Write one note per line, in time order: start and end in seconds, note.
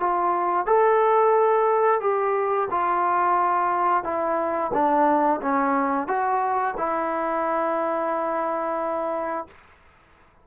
0.00 0.66 F4
0.66 2.01 A4
2.01 2.68 G4
2.71 4.04 F4
4.04 4.72 E4
4.73 5.41 D4
5.42 6.08 C#4
6.08 6.75 F#4
6.78 9.47 E4